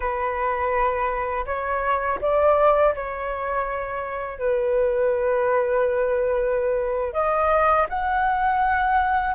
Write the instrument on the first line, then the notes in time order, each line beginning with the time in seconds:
flute
0.00 B4
1.46 C#5
2.21 D5
2.94 C#5
4.38 B4
7.13 D#5
7.89 F#5